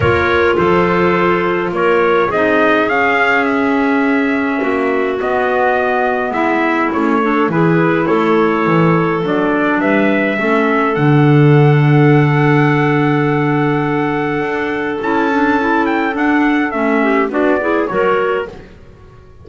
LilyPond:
<<
  \new Staff \with { instrumentName = "trumpet" } { \time 4/4 \tempo 4 = 104 cis''4 c''2 cis''4 | dis''4 f''4 e''2~ | e''4 dis''2 e''4 | cis''4 b'4 cis''2 |
d''4 e''2 fis''4~ | fis''1~ | fis''2 a''4. g''8 | fis''4 e''4 d''4 cis''4 | }
  \new Staff \with { instrumentName = "clarinet" } { \time 4/4 ais'4 a'2 ais'4 | gis'1 | fis'2. e'4~ | e'8 a'8 gis'4 a'2~ |
a'4 b'4 a'2~ | a'1~ | a'1~ | a'4. g'8 fis'8 gis'8 ais'4 | }
  \new Staff \with { instrumentName = "clarinet" } { \time 4/4 f'1 | dis'4 cis'2.~ | cis'4 b2. | cis'8 d'8 e'2. |
d'2 cis'4 d'4~ | d'1~ | d'2 e'8 d'8 e'4 | d'4 cis'4 d'8 e'8 fis'4 | }
  \new Staff \with { instrumentName = "double bass" } { \time 4/4 ais4 f2 ais4 | c'4 cis'2. | ais4 b2 gis4 | a4 e4 a4 e4 |
fis4 g4 a4 d4~ | d1~ | d4 d'4 cis'2 | d'4 a4 b4 fis4 | }
>>